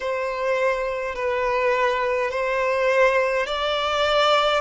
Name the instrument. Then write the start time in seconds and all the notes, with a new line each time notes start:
violin
0.00 C5
1.15 B4
2.31 C5
3.46 D5